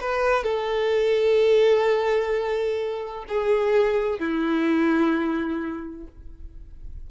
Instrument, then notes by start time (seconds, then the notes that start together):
violin
0.00 B4
0.43 A4
3.28 G#4
4.19 E4